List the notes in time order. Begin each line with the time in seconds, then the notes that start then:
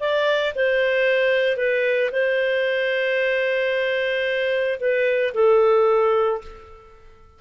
0.00 D5
0.55 C5
1.57 B4
2.12 C5
4.80 B4
5.34 A4